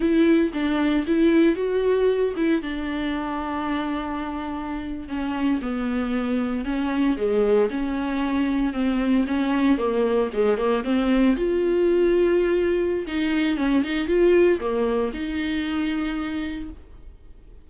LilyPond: \new Staff \with { instrumentName = "viola" } { \time 4/4 \tempo 4 = 115 e'4 d'4 e'4 fis'4~ | fis'8 e'8 d'2.~ | d'4.~ d'16 cis'4 b4~ b16~ | b8. cis'4 gis4 cis'4~ cis'16~ |
cis'8. c'4 cis'4 ais4 gis16~ | gis16 ais8 c'4 f'2~ f'16~ | f'4 dis'4 cis'8 dis'8 f'4 | ais4 dis'2. | }